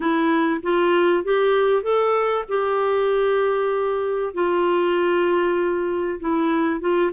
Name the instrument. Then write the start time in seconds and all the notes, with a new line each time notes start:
clarinet
0.00 E4
0.62 F4
1.24 G4
1.82 A4
2.48 G4
4.34 F4
6.20 E4
6.80 F4